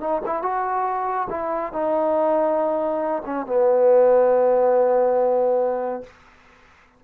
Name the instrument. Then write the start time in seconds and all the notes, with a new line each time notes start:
trombone
0.00 D#4
0.25 E4
0.42 F#4
1.30 E4
1.72 D#4
3.25 C#4
3.46 B3